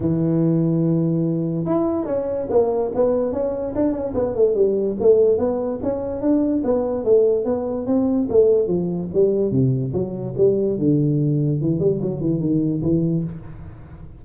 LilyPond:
\new Staff \with { instrumentName = "tuba" } { \time 4/4 \tempo 4 = 145 e1 | e'4 cis'4 ais4 b4 | cis'4 d'8 cis'8 b8 a8 g4 | a4 b4 cis'4 d'4 |
b4 a4 b4 c'4 | a4 f4 g4 c4 | fis4 g4 d2 | e8 g8 fis8 e8 dis4 e4 | }